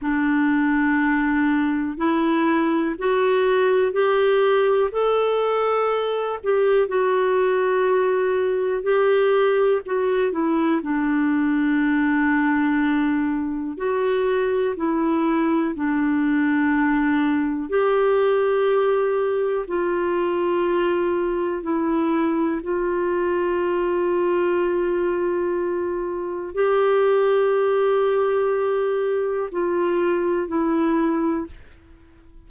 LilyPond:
\new Staff \with { instrumentName = "clarinet" } { \time 4/4 \tempo 4 = 61 d'2 e'4 fis'4 | g'4 a'4. g'8 fis'4~ | fis'4 g'4 fis'8 e'8 d'4~ | d'2 fis'4 e'4 |
d'2 g'2 | f'2 e'4 f'4~ | f'2. g'4~ | g'2 f'4 e'4 | }